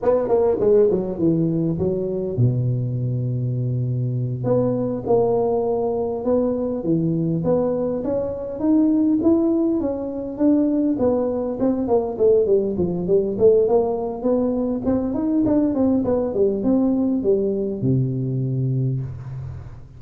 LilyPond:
\new Staff \with { instrumentName = "tuba" } { \time 4/4 \tempo 4 = 101 b8 ais8 gis8 fis8 e4 fis4 | b,2.~ b,8 b8~ | b8 ais2 b4 e8~ | e8 b4 cis'4 dis'4 e'8~ |
e'8 cis'4 d'4 b4 c'8 | ais8 a8 g8 f8 g8 a8 ais4 | b4 c'8 dis'8 d'8 c'8 b8 g8 | c'4 g4 c2 | }